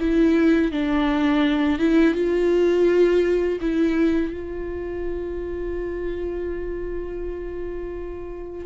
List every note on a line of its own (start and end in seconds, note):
0.00 0.72 E4
0.72 1.79 D4
1.79 2.15 E4
2.15 3.59 F4
3.61 4.33 E4
4.33 8.66 F4